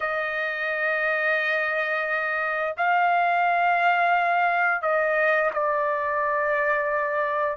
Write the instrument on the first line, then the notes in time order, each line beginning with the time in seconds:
trumpet
0.00 D#5
2.77 F5
4.82 D#5
5.53 D5